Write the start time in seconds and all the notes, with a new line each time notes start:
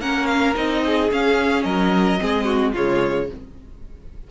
0.00 A#3 C#4 A#4 F#5
0.26 F5
0.54 C4 D#4 D#5
0.86 G#4
1.11 C#4 F5
1.63 F#3 A#4 D#5
2.18 G#3 C4 G#4
2.44 F#4
2.72 C#3 G#3 F4 C#5